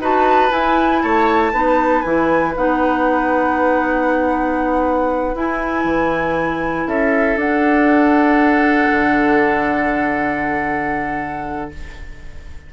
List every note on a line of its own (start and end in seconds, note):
0.00 0.51 D#4
0.00 0.51 F#4
0.00 1.03 B4
0.00 0.52 A5
0.51 1.52 E4
0.51 1.03 E4
0.51 1.03 G#5
1.03 1.53 A3
1.03 1.53 C#5
1.03 2.02 A5
1.53 2.04 B3
1.53 2.05 D#4
1.53 6.87 B4
2.02 2.56 E3
2.02 2.56 E4
2.02 2.53 G#5
2.56 5.35 B3
2.56 5.36 D#4
2.56 5.37 F#5
5.35 5.85 E4
5.35 7.39 E4
5.35 6.88 G#5
5.85 6.86 E3
6.87 7.36 C#4
6.87 11.71 A4
6.87 7.39 E5
7.36 8.89 D4
7.36 11.73 D4
7.36 11.72 F#5
8.91 11.71 D3